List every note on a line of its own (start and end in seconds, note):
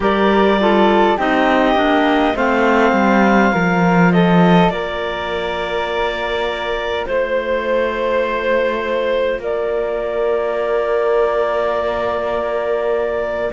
0.00 1.17 G3
0.00 0.58 G4
0.00 0.60 A#4
0.00 1.19 D5
0.60 1.17 F4
0.60 1.17 A4
1.17 1.75 C4
1.17 1.75 D#4
1.17 2.35 G4
1.17 2.36 D#5
1.75 2.33 A#3
1.75 2.34 D4
2.35 2.92 A3
2.35 3.54 C4
2.35 3.52 C5
2.35 4.12 F5
2.92 3.51 G3
3.52 4.69 F3
3.52 13.52 F4
3.52 4.11 A#4
4.12 4.72 A4
4.12 4.69 D#5
4.69 7.04 A#3
4.69 7.08 A#4
4.69 7.05 D5
7.05 9.38 A3
7.05 9.40 C5
7.05 9.39 C5
9.38 13.50 A#3
9.38 13.51 A#4
9.38 13.52 D5